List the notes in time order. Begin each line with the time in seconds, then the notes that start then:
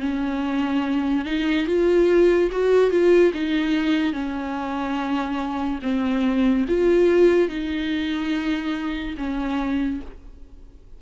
0.00 C#4
1.25 D#4
1.67 F4
2.52 F#4
2.91 F4
3.34 D#4
4.13 C#4
5.82 C4
6.68 F4
7.48 D#4
9.17 C#4